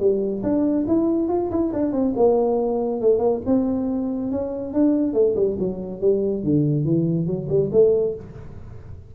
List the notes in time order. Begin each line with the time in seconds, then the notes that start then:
0.00 G3
0.43 D4
0.88 E4
1.29 F4
1.51 E4
1.73 D4
1.92 C4
2.16 A#3
3.01 A3
3.19 A#3
3.46 C4
4.32 C#4
4.74 D4
5.14 A3
5.36 G3
5.59 F#3
6.01 G3
6.44 D3
6.85 E3
7.27 F#3
7.49 G3
7.72 A3